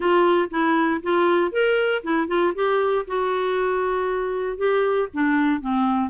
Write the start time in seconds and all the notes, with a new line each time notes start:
0.00 F4
0.50 E4
1.02 F4
1.51 A#4
2.03 E4
2.27 F4
2.54 G4
3.07 F#4
4.57 G4
5.13 D4
5.60 C4